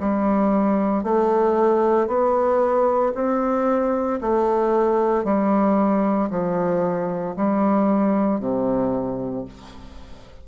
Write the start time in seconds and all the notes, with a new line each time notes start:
0.00 G3
1.03 A3
2.07 B3
3.14 C4
4.21 A3
5.24 G3
6.30 F3
7.36 G3
8.40 C3